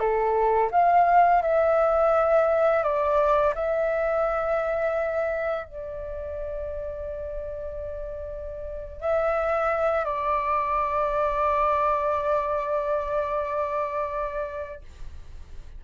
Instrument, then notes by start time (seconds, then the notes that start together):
flute
0.00 A4
0.72 F5
1.42 E5
2.84 D5
3.55 E5
5.66 D5
9.01 E5
10.06 D5